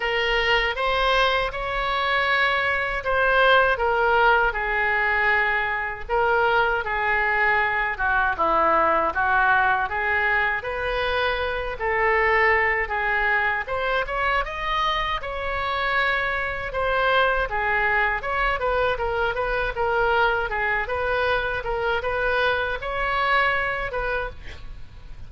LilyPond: \new Staff \with { instrumentName = "oboe" } { \time 4/4 \tempo 4 = 79 ais'4 c''4 cis''2 | c''4 ais'4 gis'2 | ais'4 gis'4. fis'8 e'4 | fis'4 gis'4 b'4. a'8~ |
a'4 gis'4 c''8 cis''8 dis''4 | cis''2 c''4 gis'4 | cis''8 b'8 ais'8 b'8 ais'4 gis'8 b'8~ | b'8 ais'8 b'4 cis''4. b'8 | }